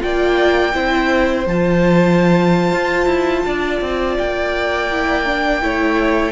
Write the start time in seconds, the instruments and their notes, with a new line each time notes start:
0.00 cello A#3, viola F4, violin D5 G5
0.74 cello C4, viola E4, violin C5
1.46 cello F3, viola F4, violin A5
2.72 cello F4
3.06 cello E4
3.46 cello D4, violin D5
3.81 cello C4
4.18 cello A#3, violin G5
4.92 viola E4
5.26 viola D4
5.61 cello A3, viola E4, violin C#5